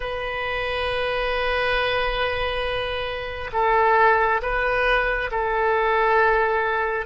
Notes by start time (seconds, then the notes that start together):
0.00 B4
3.53 A4
4.42 B4
5.31 A4